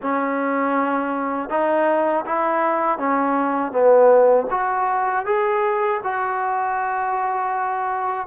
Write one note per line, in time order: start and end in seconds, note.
0.02 1.49 C#4
1.49 2.24 D#4
2.25 2.98 E4
2.98 3.72 C#4
3.72 4.47 B3
4.50 5.25 F#4
5.25 6.00 G#4
6.03 8.27 F#4